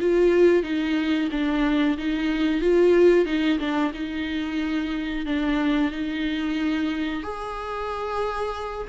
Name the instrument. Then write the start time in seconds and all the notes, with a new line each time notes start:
viola
0.00 F4
0.63 D#4
1.31 D4
1.98 D#4
2.61 F4
3.25 D#4
3.59 D4
3.94 D#4
5.25 D4
5.91 D#4
7.23 G#4